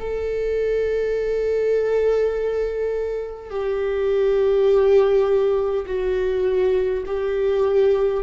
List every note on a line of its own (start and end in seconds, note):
0.00 3.51 A4
3.51 5.86 G4
5.87 7.04 F#4
7.06 8.24 G4